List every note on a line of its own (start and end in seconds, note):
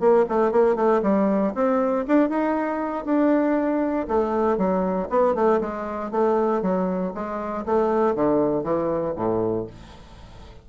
0.00 0.25 A#3
0.29 0.52 A3
0.52 0.76 A#3
0.76 1.01 A3
1.02 1.53 G3
1.55 2.06 C4
2.07 2.29 D4
2.29 3.05 D#4
3.05 4.07 D4
4.08 4.58 A3
4.58 5.08 F#3
5.10 5.35 B3
5.35 5.60 A3
5.61 6.11 G#3
6.11 6.62 A3
6.62 7.13 F#3
7.14 7.65 G#3
7.65 8.15 A3
8.15 8.64 D3
8.64 9.15 E3
9.16 9.67 A2